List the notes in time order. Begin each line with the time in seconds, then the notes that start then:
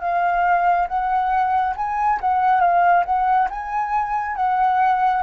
0.00 F5
0.87 F#5
1.76 G#5
2.20 F#5
2.60 F5
3.05 F#5
3.50 G#5
4.36 F#5